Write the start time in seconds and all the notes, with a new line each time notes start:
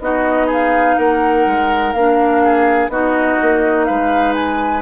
0.00 B3 D#4 F#4 D#5
0.47 G#4 F5
0.98 A#3 A#4 F#5
1.46 G#3
1.93 A#3 D4 F5
2.44 G#4
2.88 B3 D#4 F#4 D#5
3.42 A#3
3.84 G#3 B4 F5
4.34 G#5